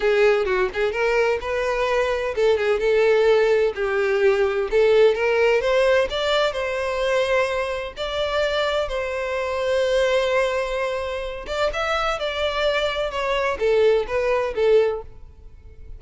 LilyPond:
\new Staff \with { instrumentName = "violin" } { \time 4/4 \tempo 4 = 128 gis'4 fis'8 gis'8 ais'4 b'4~ | b'4 a'8 gis'8 a'2 | g'2 a'4 ais'4 | c''4 d''4 c''2~ |
c''4 d''2 c''4~ | c''1~ | c''8 d''8 e''4 d''2 | cis''4 a'4 b'4 a'4 | }